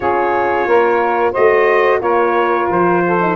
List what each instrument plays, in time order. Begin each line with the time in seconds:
0.00 tuba C#4, horn F4, saxophone G#4, trumpet C#5
0.66 tuba A#3, saxophone A#4
1.31 tuba A3, horn F#4, saxophone C5, trumpet D#5
2.01 tuba A#3, horn F4, saxophone A#4, trumpet C#5
2.70 tuba F3, trumpet C5
3.06 saxophone A4
3.21 horn D#4